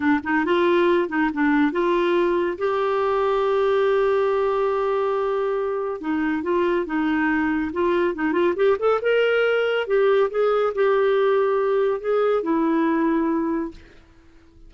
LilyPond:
\new Staff \with { instrumentName = "clarinet" } { \time 4/4 \tempo 4 = 140 d'8 dis'8 f'4. dis'8 d'4 | f'2 g'2~ | g'1~ | g'2 dis'4 f'4 |
dis'2 f'4 dis'8 f'8 | g'8 a'8 ais'2 g'4 | gis'4 g'2. | gis'4 e'2. | }